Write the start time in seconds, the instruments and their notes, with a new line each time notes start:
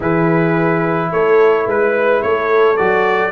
0.00 tuba E3, trombone E4, horn G#4, trumpet B4
1.11 tuba A3, horn A4, trumpet C#5
1.66 tuba G#3, horn B4, trumpet B4
2.22 tuba A3, horn A4, trumpet C#5
2.77 tuba F#3, trombone F#4, trumpet D5